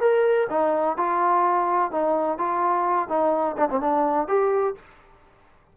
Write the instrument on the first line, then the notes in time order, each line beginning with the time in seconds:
trombone
0.00 A#4
0.50 D#4
0.97 F4
1.91 D#4
2.38 F4
3.09 D#4
3.57 D4
3.70 C4
3.81 D4
4.28 G4